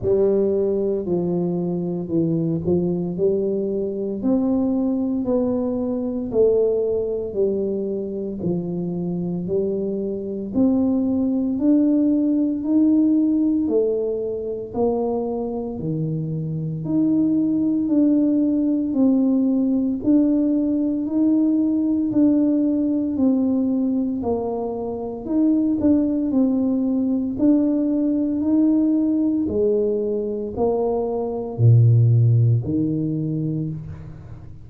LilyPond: \new Staff \with { instrumentName = "tuba" } { \time 4/4 \tempo 4 = 57 g4 f4 e8 f8 g4 | c'4 b4 a4 g4 | f4 g4 c'4 d'4 | dis'4 a4 ais4 dis4 |
dis'4 d'4 c'4 d'4 | dis'4 d'4 c'4 ais4 | dis'8 d'8 c'4 d'4 dis'4 | gis4 ais4 ais,4 dis4 | }